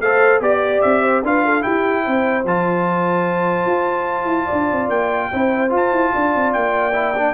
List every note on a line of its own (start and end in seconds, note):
0.00 0.40 A3
0.00 0.41 A4
0.00 0.41 C5
0.00 0.41 F5
0.40 0.81 B3
0.40 1.22 G4
0.40 1.02 D5
0.40 0.81 D5
0.81 1.22 C4
0.81 1.22 E5
1.02 1.23 C5
1.22 1.63 D4
1.22 1.61 F4
1.22 1.44 B4
1.22 1.62 F5
1.44 1.62 A4
1.61 2.43 E4
1.61 2.06 E4
1.61 2.03 G4
1.61 2.44 G5
2.03 2.44 C4
2.03 4.45 C5
2.44 3.66 F3
2.44 5.32 F4
2.44 4.89 A5
3.66 4.24 F4
4.24 4.45 E4
4.45 5.26 D5
4.52 4.71 D4
4.71 4.88 C4
4.88 5.29 A#3
4.88 5.71 G5
5.30 5.71 C4
5.30 5.69 E4
5.30 6.12 C5
5.69 6.92 F4
5.69 5.91 F4
5.76 6.52 A5
5.92 6.12 E4
6.13 6.35 D4
6.13 7.34 D5
6.35 6.55 C4
6.52 7.34 A#3
6.52 7.34 G5
6.93 7.13 E4
7.17 7.34 D4